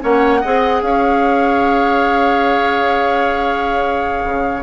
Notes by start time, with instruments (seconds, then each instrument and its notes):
0.00 bassoon A#3, clarinet C#4, oboe C#5, flute F#5
0.41 bassoon C4, clarinet G#4, oboe D#5
0.81 bassoon C#4, oboe C#5, flute F5
4.24 bassoon C#3